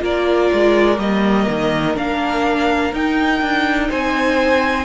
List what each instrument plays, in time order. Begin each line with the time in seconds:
0.00 cello A#3, viola F4, violin A#4 D5
0.54 cello G#3
0.99 cello G3, viola A#3, violin D#5
1.49 cello D#3
1.96 cello A#3, viola D4, violin F5
2.94 cello D#4, viola D#4, violin G5
3.42 cello D4
3.89 cello C4, violin C5 G#5